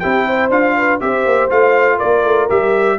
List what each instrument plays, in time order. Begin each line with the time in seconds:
0.00 tuba C4, trombone E4, horn G4, trumpet G5
0.27 horn C5
0.50 tuba D4, trombone F4, trumpet F5
0.77 horn B4
1.01 tuba C4, trombone G4, horn C5, trumpet E5
1.26 tuba A#3
1.50 tuba A3, trombone F4, trumpet F5
1.98 tuba A#3, horn A#4, trumpet D5
2.24 tuba A3
2.50 tuba G3, trombone G4, trumpet E5